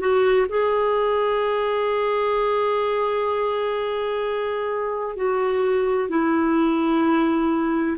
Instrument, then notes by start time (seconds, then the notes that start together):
clarinet
0.00 F#4
0.49 G#4
5.16 F#4
6.09 E4